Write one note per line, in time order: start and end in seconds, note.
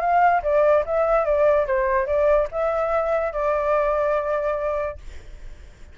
0.00 0.41 F5
0.42 0.84 D5
0.85 1.25 E5
1.25 1.66 D5
1.66 2.06 C5
2.06 2.47 D5
2.51 3.32 E5
3.32 4.98 D5